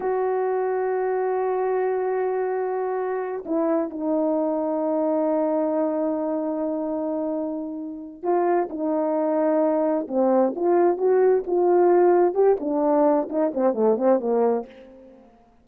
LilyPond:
\new Staff \with { instrumentName = "horn" } { \time 4/4 \tempo 4 = 131 fis'1~ | fis'2.~ fis'8 e'8~ | e'8 dis'2.~ dis'8~ | dis'1~ |
dis'2 f'4 dis'4~ | dis'2 c'4 f'4 | fis'4 f'2 g'8 d'8~ | d'4 dis'8 c'8 a8 c'8 ais4 | }